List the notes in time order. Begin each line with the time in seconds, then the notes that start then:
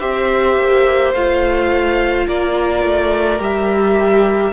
0.00 C4 G4 C5 E5
0.57 A#3
1.13 A3 F4 F5
2.27 A#3 A#4 D5
2.83 A3
3.39 G3 G4 E5